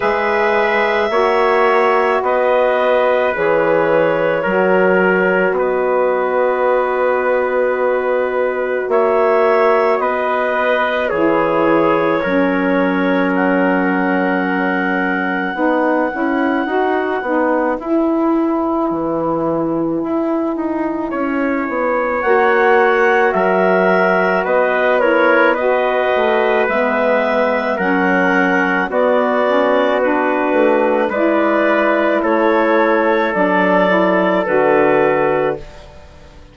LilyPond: <<
  \new Staff \with { instrumentName = "clarinet" } { \time 4/4 \tempo 4 = 54 e''2 dis''4 cis''4~ | cis''4 dis''2. | e''4 dis''4 cis''2 | fis''1 |
gis''1 | fis''4 e''4 dis''8 cis''8 dis''4 | e''4 fis''4 d''4 b'4 | d''4 cis''4 d''4 b'4 | }
  \new Staff \with { instrumentName = "trumpet" } { \time 4/4 b'4 cis''4 b'2 | ais'4 b'2. | cis''4 b'4 gis'4 ais'4~ | ais'2 b'2~ |
b'2. cis''4~ | cis''4 ais'4 b'8 ais'8 b'4~ | b'4 ais'4 fis'2 | b'4 a'2. | }
  \new Staff \with { instrumentName = "saxophone" } { \time 4/4 gis'4 fis'2 gis'4 | fis'1~ | fis'2 e'4 cis'4~ | cis'2 dis'8 e'8 fis'8 dis'8 |
e'1 | fis'2~ fis'8 e'8 fis'4 | b4 cis'4 b8 cis'8 d'4 | e'2 d'8 e'8 fis'4 | }
  \new Staff \with { instrumentName = "bassoon" } { \time 4/4 gis4 ais4 b4 e4 | fis4 b2. | ais4 b4 e4 fis4~ | fis2 b8 cis'8 dis'8 b8 |
e'4 e4 e'8 dis'8 cis'8 b8 | ais4 fis4 b4. a8 | gis4 fis4 b4. a8 | gis4 a4 fis4 d4 | }
>>